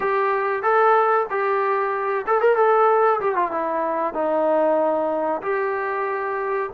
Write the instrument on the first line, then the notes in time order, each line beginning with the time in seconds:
trombone
0.00 G4
0.62 A4
1.29 G4
2.27 A4
2.41 A#4
2.56 A4
3.20 G4
3.35 F4
3.51 E4
4.14 D#4
5.42 G4